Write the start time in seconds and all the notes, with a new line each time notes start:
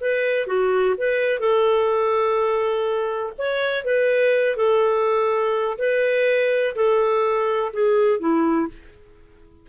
0.00 B4
0.47 F#4
0.97 B4
1.39 A4
3.38 C#5
3.84 B4
4.56 A4
5.78 B4
6.75 A4
7.72 G#4
8.19 E4